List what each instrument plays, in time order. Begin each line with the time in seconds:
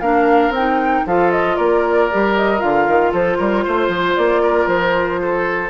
0.00 bassoon A#3, clarinet D4, oboe A#4, flute F5
0.49 bassoon C4, flute G5
0.57 clarinet D#4
1.06 bassoon F3, clarinet F4, oboe A4, flute F5
1.31 flute D#5
1.56 bassoon A#3, oboe A#4, flute D5
2.11 bassoon G3, clarinet G4
2.36 flute D#5
2.58 bassoon D3, clarinet F4, flute F5
2.88 bassoon D#3
3.11 bassoon F3, oboe A4, flute C5
3.38 bassoon G3, oboe A#4
3.64 bassoon A3, oboe C5
3.88 bassoon F3
4.16 bassoon A#3, flute D5
4.42 oboe A#4
4.67 bassoon F3, flute C5
5.22 oboe A4